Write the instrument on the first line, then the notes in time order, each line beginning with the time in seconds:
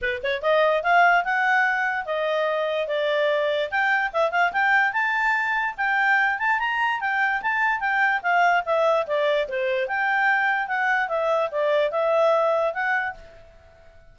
clarinet
0.01 B4
0.23 C#5
0.42 D#5
0.83 F5
1.24 F#5
2.05 D#5
2.87 D5
3.70 G5
4.12 E5
4.31 F5
4.52 G5
4.92 A5
5.77 G5
6.38 A5
6.59 A#5
7.00 G5
7.42 A5
7.80 G5
8.22 F5
8.65 E5
9.06 D5
9.48 C5
9.87 G5
10.67 F#5
11.08 E5
11.51 D5
11.91 E5
12.73 F#5